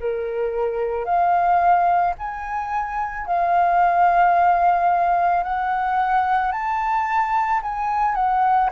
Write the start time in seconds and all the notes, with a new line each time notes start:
0.00 A#4
1.05 F5
2.18 G#5
3.27 F5
5.43 F#5
6.52 A5
7.62 G#5
8.15 F#5